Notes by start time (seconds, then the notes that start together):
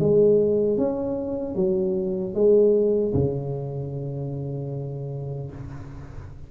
0.00 G#3
0.78 C#4
1.56 F#3
2.35 G#3
3.14 C#3